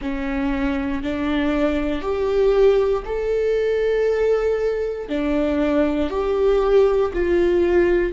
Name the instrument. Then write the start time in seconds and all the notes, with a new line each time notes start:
viola
0.01 C#4
1.03 D4
2.01 G4
3.05 A4
5.08 D4
6.10 G4
7.13 F4